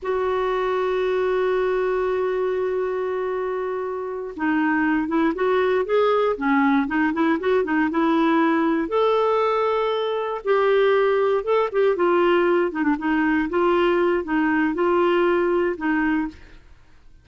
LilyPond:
\new Staff \with { instrumentName = "clarinet" } { \time 4/4 \tempo 4 = 118 fis'1~ | fis'1~ | fis'8 dis'4. e'8 fis'4 gis'8~ | gis'8 cis'4 dis'8 e'8 fis'8 dis'8 e'8~ |
e'4. a'2~ a'8~ | a'8 g'2 a'8 g'8 f'8~ | f'4 dis'16 d'16 dis'4 f'4. | dis'4 f'2 dis'4 | }